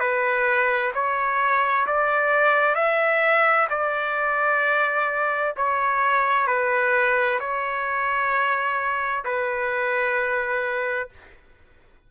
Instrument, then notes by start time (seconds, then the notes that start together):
trumpet
0.00 B4
0.94 C#5
1.87 D5
2.76 E5
3.70 D5
5.57 C#5
6.47 B4
7.40 C#5
9.25 B4